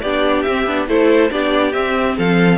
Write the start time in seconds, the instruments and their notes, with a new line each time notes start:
0.00 cello B3, viola D4, violin G4 D5
0.42 cello C4, viola C4, violin E5
0.66 cello B3, viola D4
0.87 cello A3, viola E4, violin A4 C5
1.30 cello B3, viola D4, violin G4 D5
1.72 cello C4, viola C4, violin E5
2.17 cello F3, violin A4 F5